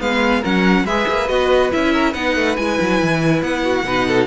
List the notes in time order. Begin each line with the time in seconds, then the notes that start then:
0.00 G#3 B3 B4 F5
0.41 F#3 C#4 A#4 F#5
0.84 G#3 G#4 B4 E5
1.08 A#3
1.29 B3 F#4 D#5
1.71 C#4 E4 E5
1.93 A#4
2.12 B3 D#4 B4 F#5
2.36 A3
2.57 G#3 E4 G#5
2.81 F#3
3.02 E3
3.42 B3 F#5
3.64 F#4
3.84 B2 D#4 B4
4.08 A4